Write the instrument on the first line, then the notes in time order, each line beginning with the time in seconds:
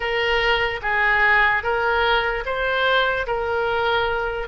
oboe
0.00 A#4
0.82 G#4
1.63 A#4
2.45 C5
3.27 A#4